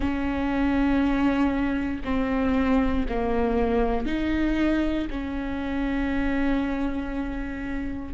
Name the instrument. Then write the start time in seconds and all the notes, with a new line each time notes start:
viola
0.00 C#4
2.04 C4
3.08 A#3
4.05 D#4
5.10 C#4